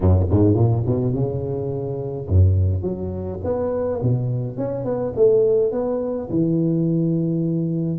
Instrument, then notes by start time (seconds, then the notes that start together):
tuba
0.00 F#2
0.30 G#2
0.54 A#2
0.86 B2
1.13 C#3
2.28 F#2
2.82 F#3
3.44 B3
4.02 B2
4.57 C#4
4.84 B3
5.16 A3
5.71 B3
6.30 E3